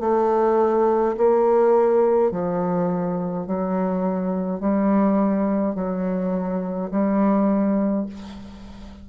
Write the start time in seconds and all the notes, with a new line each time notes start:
0.00 A3
1.17 A#3
2.31 F3
3.47 F#3
4.60 G3
5.75 F#3
6.91 G3